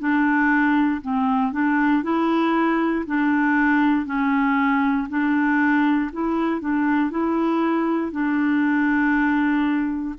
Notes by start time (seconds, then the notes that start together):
0.00 D4
1.02 C4
1.53 D4
2.03 E4
3.06 D4
4.06 C#4
5.09 D4
6.13 E4
6.61 D4
7.11 E4
8.12 D4